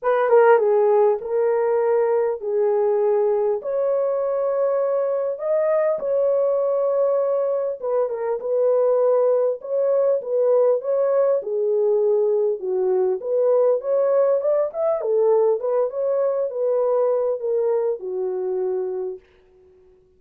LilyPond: \new Staff \with { instrumentName = "horn" } { \time 4/4 \tempo 4 = 100 b'8 ais'8 gis'4 ais'2 | gis'2 cis''2~ | cis''4 dis''4 cis''2~ | cis''4 b'8 ais'8 b'2 |
cis''4 b'4 cis''4 gis'4~ | gis'4 fis'4 b'4 cis''4 | d''8 e''8 a'4 b'8 cis''4 b'8~ | b'4 ais'4 fis'2 | }